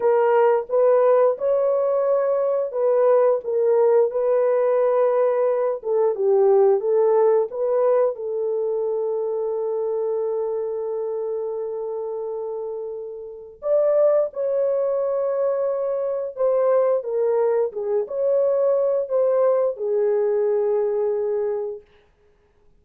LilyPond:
\new Staff \with { instrumentName = "horn" } { \time 4/4 \tempo 4 = 88 ais'4 b'4 cis''2 | b'4 ais'4 b'2~ | b'8 a'8 g'4 a'4 b'4 | a'1~ |
a'1 | d''4 cis''2. | c''4 ais'4 gis'8 cis''4. | c''4 gis'2. | }